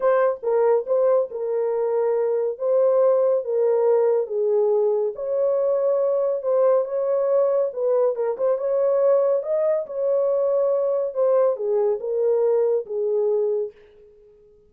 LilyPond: \new Staff \with { instrumentName = "horn" } { \time 4/4 \tempo 4 = 140 c''4 ais'4 c''4 ais'4~ | ais'2 c''2 | ais'2 gis'2 | cis''2. c''4 |
cis''2 b'4 ais'8 c''8 | cis''2 dis''4 cis''4~ | cis''2 c''4 gis'4 | ais'2 gis'2 | }